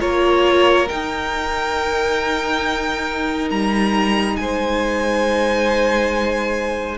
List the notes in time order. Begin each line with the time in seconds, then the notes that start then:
0.00 A#3 F4 A#4 C#5
0.88 D#4 G5
3.51 G3 A#5
4.36 G#3 C5 G#5